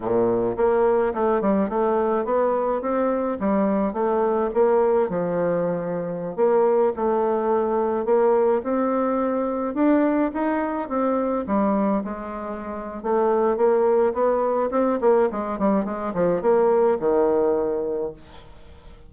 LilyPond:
\new Staff \with { instrumentName = "bassoon" } { \time 4/4 \tempo 4 = 106 ais,4 ais4 a8 g8 a4 | b4 c'4 g4 a4 | ais4 f2~ f16 ais8.~ | ais16 a2 ais4 c'8.~ |
c'4~ c'16 d'4 dis'4 c'8.~ | c'16 g4 gis4.~ gis16 a4 | ais4 b4 c'8 ais8 gis8 g8 | gis8 f8 ais4 dis2 | }